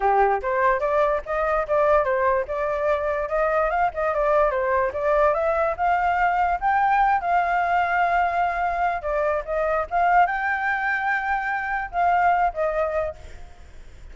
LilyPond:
\new Staff \with { instrumentName = "flute" } { \time 4/4 \tempo 4 = 146 g'4 c''4 d''4 dis''4 | d''4 c''4 d''2 | dis''4 f''8 dis''8 d''4 c''4 | d''4 e''4 f''2 |
g''4. f''2~ f''8~ | f''2 d''4 dis''4 | f''4 g''2.~ | g''4 f''4. dis''4. | }